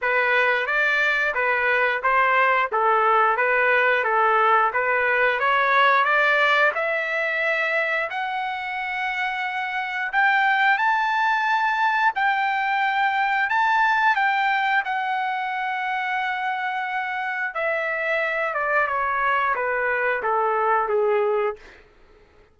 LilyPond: \new Staff \with { instrumentName = "trumpet" } { \time 4/4 \tempo 4 = 89 b'4 d''4 b'4 c''4 | a'4 b'4 a'4 b'4 | cis''4 d''4 e''2 | fis''2. g''4 |
a''2 g''2 | a''4 g''4 fis''2~ | fis''2 e''4. d''8 | cis''4 b'4 a'4 gis'4 | }